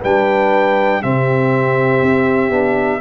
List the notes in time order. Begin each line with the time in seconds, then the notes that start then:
0.00 G3 D4 B4 G5
1.02 C3 C4 G4 E5
2.01 C4
2.50 B3 D4